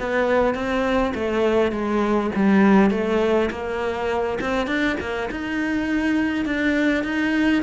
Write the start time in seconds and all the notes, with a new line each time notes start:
0.00 B3
0.55 C4
1.14 A3
1.72 G#3
2.35 G3
2.91 A3
3.51 A#3
4.41 C4
4.67 D4
5.00 A#3
5.31 D#4
6.45 D4
7.03 D#4